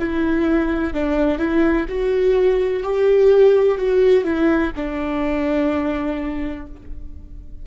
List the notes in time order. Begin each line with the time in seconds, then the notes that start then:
0.00 E4
0.94 D4
1.39 E4
1.89 F#4
2.84 G4
3.78 F#4
4.24 E4
4.77 D4